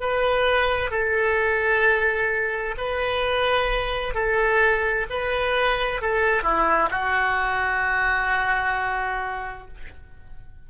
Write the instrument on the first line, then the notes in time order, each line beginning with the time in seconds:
oboe
0.00 B4
0.90 A4
2.77 B4
4.14 A4
5.09 B4
6.01 A4
6.43 E4
6.90 F#4